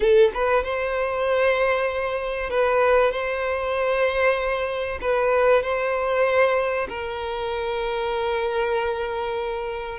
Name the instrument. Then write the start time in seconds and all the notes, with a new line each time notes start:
violin
0.00 A4
0.34 B4
0.63 C5
2.50 B4
3.11 C5
5.01 B4
5.62 C5
6.88 A#4